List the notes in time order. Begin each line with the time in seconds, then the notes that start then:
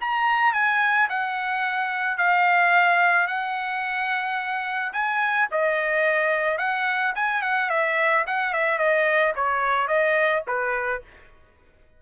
0.00 A#5
0.53 G#5
1.09 F#5
2.17 F5
3.27 F#5
4.93 G#5
5.51 D#5
6.58 F#5
7.15 G#5
7.42 F#5
7.69 E5
8.27 F#5
8.53 E5
8.78 D#5
9.36 C#5
9.88 D#5
10.47 B4